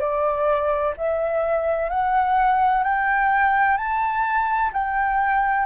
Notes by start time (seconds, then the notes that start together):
0.00 D5
0.97 E5
1.90 F#5
2.83 G5
3.77 A5
4.73 G5